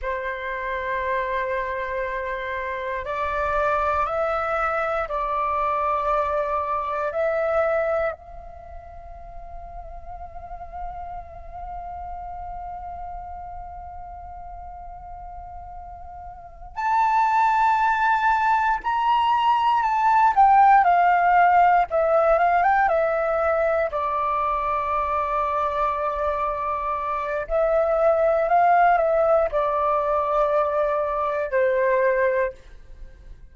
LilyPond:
\new Staff \with { instrumentName = "flute" } { \time 4/4 \tempo 4 = 59 c''2. d''4 | e''4 d''2 e''4 | f''1~ | f''1~ |
f''8 a''2 ais''4 a''8 | g''8 f''4 e''8 f''16 g''16 e''4 d''8~ | d''2. e''4 | f''8 e''8 d''2 c''4 | }